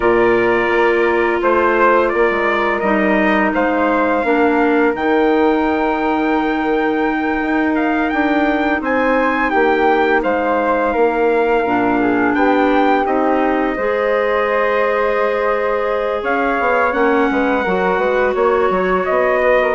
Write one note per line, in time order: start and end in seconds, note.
0.00 0.68 A#2
0.00 2.82 F4
0.00 1.41 A#4
0.00 1.40 D5
0.68 1.39 A#3
1.41 2.13 A3
1.41 2.08 C5
1.41 2.12 C5
2.08 2.30 A#3
2.08 3.54 A#4
2.08 2.79 D5
2.30 2.81 G#3
2.79 3.52 G3
2.79 4.23 D#4
2.79 3.50 D#5
3.54 4.23 G#3
3.54 4.25 C5
3.54 4.95 F5
4.23 4.94 A#3
4.23 4.94 D4
4.23 8.81 A#4
4.94 7.41 D#3
4.94 11.66 D#4
4.94 7.75 G5
7.41 8.12 D#4
7.75 8.09 F5
8.09 8.80 D4
8.09 8.80 G5
8.80 9.51 C4
8.80 9.50 C5
8.80 9.50 G#5
9.50 10.24 A#3
9.50 10.20 G4
9.50 10.20 G5
10.23 10.95 G#3
10.23 10.92 C5
10.23 12.35 F5
10.92 11.65 A#3
10.92 11.98 A#4
11.65 12.34 A#2
11.65 13.05 D4
12.00 12.35 G#4
12.34 13.05 B3
12.34 13.76 G4
12.34 13.05 G5
13.05 13.76 C4
13.05 13.76 D#4
13.05 16.24 D#5
13.76 16.22 G#3
13.76 16.92 G#4
13.76 16.22 C5
16.22 16.58 C#4
16.22 17.28 C#5
16.22 16.93 F5
16.59 16.93 B3
16.92 17.29 A#3
16.92 17.62 C#4
16.92 18.34 F#5
17.30 17.65 G#3
17.30 17.63 B4
17.63 17.98 F#3
17.63 19.74 F#4
17.63 17.98 A#4
17.98 18.33 G#3
17.98 18.33 B4
18.34 18.70 A#3
18.34 19.40 C#5
18.34 19.05 C#5
18.70 19.05 F#3
19.05 19.74 B3
19.05 19.74 D#5
19.43 19.61 B4
19.61 19.74 A#4